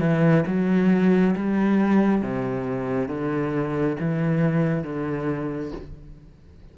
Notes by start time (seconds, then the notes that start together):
0.00 E3
0.47 F#3
1.36 G3
2.23 C3
3.08 D3
4.00 E3
4.84 D3